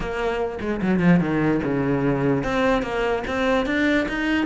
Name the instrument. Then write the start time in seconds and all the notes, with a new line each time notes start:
cello
0.00 A#3
0.60 G#3
0.81 F#3
0.99 F3
1.20 D#3
1.63 C#3
2.43 C4
2.82 A#3
3.27 C4
3.66 D4
4.08 D#4